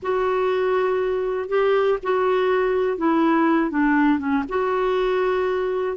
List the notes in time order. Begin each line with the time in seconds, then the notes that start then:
0.02 F#4
1.49 G4
2.03 F#4
2.97 E4
3.70 D4
4.19 C#4
4.48 F#4